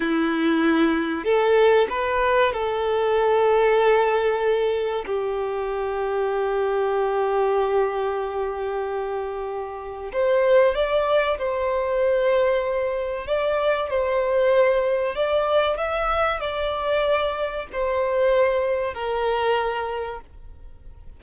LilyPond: \new Staff \with { instrumentName = "violin" } { \time 4/4 \tempo 4 = 95 e'2 a'4 b'4 | a'1 | g'1~ | g'1 |
c''4 d''4 c''2~ | c''4 d''4 c''2 | d''4 e''4 d''2 | c''2 ais'2 | }